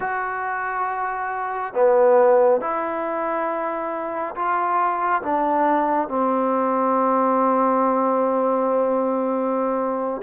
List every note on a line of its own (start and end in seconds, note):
0.00 1.74 F#4
1.74 2.60 B3
2.60 4.34 E4
4.35 5.22 F4
5.22 6.08 D4
6.08 10.21 C4